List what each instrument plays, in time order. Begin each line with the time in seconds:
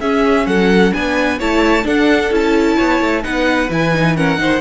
0.00 cello C#4, viola C#4, violin G#4 E5
0.46 cello F#3, violin A4 F#5
0.93 cello B3, viola D4, violin B4 G#5
1.38 cello A3, viola E4, violin C#5 A5
1.83 viola D4, cello D4, violin A4 F#5
2.30 cello C#4, viola E4, violin A5
2.76 cello B3, violin C#5
3.00 cello A3
3.22 cello B3, viola D#4, violin B4 F#5
3.69 cello E3, viola E4, violin G#5
3.94 viola D#4
4.16 viola C#4, violin A#4 F#5
4.37 cello D#3, viola D#4, violin C5